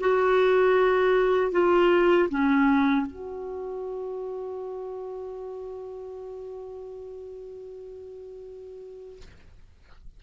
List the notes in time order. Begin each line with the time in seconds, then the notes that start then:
0.00 F#4
1.51 F4
2.29 C#4
3.06 F#4